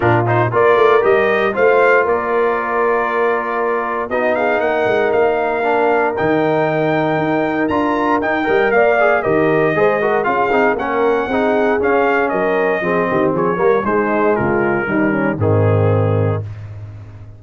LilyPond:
<<
  \new Staff \with { instrumentName = "trumpet" } { \time 4/4 \tempo 4 = 117 ais'8 c''8 d''4 dis''4 f''4 | d''1 | dis''8 f''8 fis''4 f''2 | g''2. ais''4 |
g''4 f''4 dis''2 | f''4 fis''2 f''4 | dis''2 cis''4 c''4 | ais'2 gis'2 | }
  \new Staff \with { instrumentName = "horn" } { \time 4/4 f'4 ais'2 c''4 | ais'1 | fis'8 gis'8 ais'2.~ | ais'1~ |
ais'8 dis''8 d''4 ais'4 c''8 ais'8 | gis'4 ais'4 gis'2 | ais'4 gis'8 g'8 gis'8 ais'8 dis'4 | f'4 dis'8 cis'8 c'2 | }
  \new Staff \with { instrumentName = "trombone" } { \time 4/4 d'8 dis'8 f'4 g'4 f'4~ | f'1 | dis'2. d'4 | dis'2. f'4 |
dis'8 ais'4 gis'8 g'4 gis'8 fis'8 | f'8 dis'8 cis'4 dis'4 cis'4~ | cis'4 c'4. ais8 gis4~ | gis4 g4 dis2 | }
  \new Staff \with { instrumentName = "tuba" } { \time 4/4 ais,4 ais8 a8 g4 a4 | ais1 | b4 ais8 gis8 ais2 | dis2 dis'4 d'4 |
dis'8 g8 ais4 dis4 gis4 | cis'8 c'8 ais4 c'4 cis'4 | fis4 f8 dis8 f8 g8 gis4 | cis4 dis4 gis,2 | }
>>